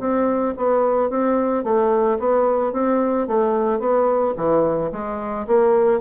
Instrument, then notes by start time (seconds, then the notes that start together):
bassoon
0.00 C4
0.57 B3
1.10 C4
1.64 A3
2.19 B3
2.73 C4
3.28 A3
3.80 B3
4.37 E3
4.92 G#3
5.47 A#3